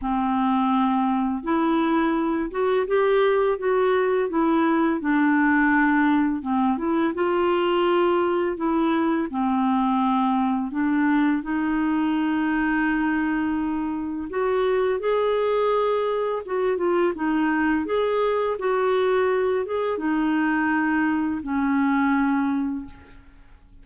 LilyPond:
\new Staff \with { instrumentName = "clarinet" } { \time 4/4 \tempo 4 = 84 c'2 e'4. fis'8 | g'4 fis'4 e'4 d'4~ | d'4 c'8 e'8 f'2 | e'4 c'2 d'4 |
dis'1 | fis'4 gis'2 fis'8 f'8 | dis'4 gis'4 fis'4. gis'8 | dis'2 cis'2 | }